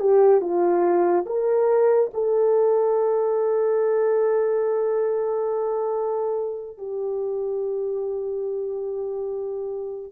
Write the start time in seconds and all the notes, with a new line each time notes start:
0.00 G4
0.40 F4
1.26 A#4
2.13 A4
6.77 G4